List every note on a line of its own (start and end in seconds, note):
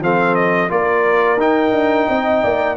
0.00 0.69 F3
0.00 0.69 C4
0.00 0.71 A4
0.00 0.35 F5
0.35 0.69 D#5
0.69 1.36 A#3
0.69 1.37 F4
0.69 2.08 A#4
0.69 1.40 D5
1.36 1.71 D#4
1.36 2.76 D#4
1.36 2.76 G5
1.71 2.06 D4
2.08 2.43 C4
2.08 2.43 D#5
2.43 2.76 A#3
2.43 2.76 D5